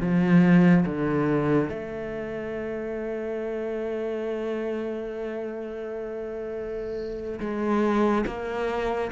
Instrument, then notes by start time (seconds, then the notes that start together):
cello
0.00 F3
0.85 D3
1.69 A3
7.40 G#3
8.26 A#3